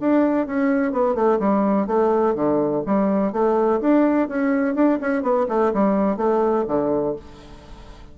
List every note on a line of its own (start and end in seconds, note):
0.00 0.46 D4
0.46 0.92 C#4
0.92 1.15 B3
1.15 1.39 A3
1.39 1.87 G3
1.87 2.35 A3
2.35 2.83 D3
2.86 3.33 G3
3.33 3.81 A3
3.81 4.29 D4
4.29 4.75 C#4
4.75 4.99 D4
5.01 5.23 C#4
5.23 5.47 B3
5.48 5.72 A3
5.74 6.17 G3
6.17 6.65 A3
6.67 7.15 D3